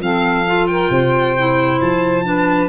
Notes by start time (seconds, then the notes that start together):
0.00 F3 C4 A4 F5
0.48 F4
0.67 A#4 G5
0.90 C3 C5
1.39 E4
1.81 F3 A5
2.24 D4 B4